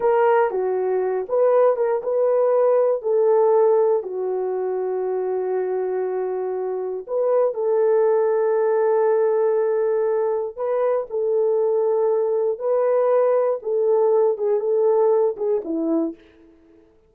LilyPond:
\new Staff \with { instrumentName = "horn" } { \time 4/4 \tempo 4 = 119 ais'4 fis'4. b'4 ais'8 | b'2 a'2 | fis'1~ | fis'2 b'4 a'4~ |
a'1~ | a'4 b'4 a'2~ | a'4 b'2 a'4~ | a'8 gis'8 a'4. gis'8 e'4 | }